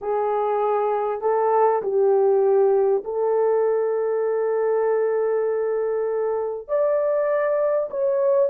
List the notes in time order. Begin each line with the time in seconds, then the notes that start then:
0.01 G#4
1.21 A4
1.82 G4
3.04 A4
6.68 D5
7.90 C#5